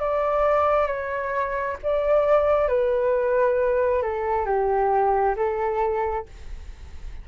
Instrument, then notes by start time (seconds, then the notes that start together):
flute
0.00 D5
0.87 C#5
1.83 D5
2.68 B4
4.03 A4
4.46 G4
5.36 A4